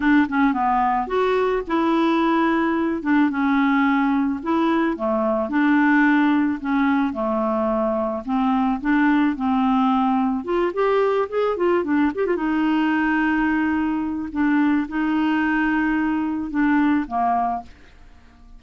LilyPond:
\new Staff \with { instrumentName = "clarinet" } { \time 4/4 \tempo 4 = 109 d'8 cis'8 b4 fis'4 e'4~ | e'4. d'8 cis'2 | e'4 a4 d'2 | cis'4 a2 c'4 |
d'4 c'2 f'8 g'8~ | g'8 gis'8 f'8 d'8 g'16 f'16 dis'4.~ | dis'2 d'4 dis'4~ | dis'2 d'4 ais4 | }